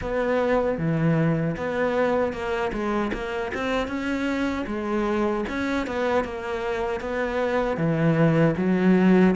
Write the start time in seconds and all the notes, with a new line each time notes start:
0.01 B3
0.78 E3
1.57 B3
2.32 A#3
2.72 G#3
3.13 A#3
3.53 C4
3.87 C#4
4.66 G#3
5.49 C#4
5.86 B3
6.24 A#3
7.00 B3
7.77 E3
8.57 F#3